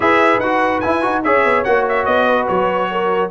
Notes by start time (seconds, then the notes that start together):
0.00 E4 G#4 B4 E5
0.38 D#4 F#4 F#5
0.80 E4 G#5
1.02 D#4 F#4
1.23 C#4 G#4 C#5 E5
1.44 B3
1.64 A#3 F#4 F#5
1.88 E5
2.05 B3 D#5
2.27 B4
2.47 F#3 C#5
2.91 A#4